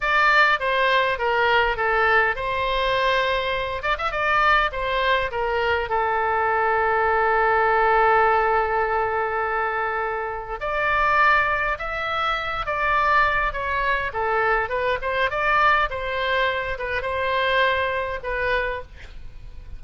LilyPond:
\new Staff \with { instrumentName = "oboe" } { \time 4/4 \tempo 4 = 102 d''4 c''4 ais'4 a'4 | c''2~ c''8 d''16 e''16 d''4 | c''4 ais'4 a'2~ | a'1~ |
a'2 d''2 | e''4. d''4. cis''4 | a'4 b'8 c''8 d''4 c''4~ | c''8 b'8 c''2 b'4 | }